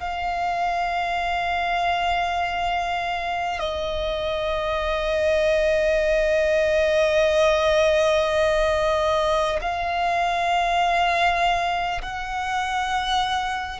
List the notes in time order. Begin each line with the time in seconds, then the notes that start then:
0.00 F5
3.59 D#5
9.61 F5
12.01 F#5